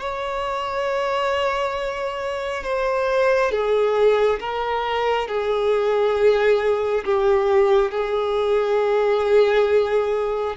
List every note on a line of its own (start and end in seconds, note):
0.00 2.64 C#5
2.64 3.51 C5
3.51 4.40 G#4
4.40 5.28 A#4
5.28 7.04 G#4
7.05 7.91 G4
7.91 10.56 G#4